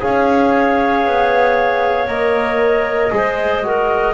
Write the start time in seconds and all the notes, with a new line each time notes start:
0.00 C#4 G#4 C#5 F5
1.05 B3
2.08 A#3 A#4 D#5
3.11 G#3 G#4 C5
3.62 F#4 A#4